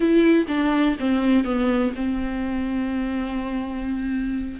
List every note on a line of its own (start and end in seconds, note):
0.00 0.46 E4
0.48 0.96 D4
0.99 1.44 C4
1.44 1.92 B3
1.95 4.60 C4